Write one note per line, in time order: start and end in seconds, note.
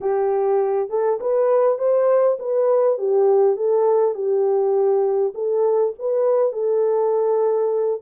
0.00 0.89 G4
0.89 1.19 A4
1.20 1.78 B4
1.78 2.37 C5
2.39 2.98 B4
2.98 3.56 G4
3.56 4.14 A4
4.14 5.33 G4
5.34 5.93 A4
5.98 6.52 B4
6.52 8.01 A4